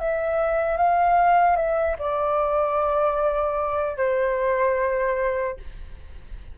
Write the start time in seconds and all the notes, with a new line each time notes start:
0.00 E5
0.77 F5
1.56 E5
1.99 D5
3.97 C5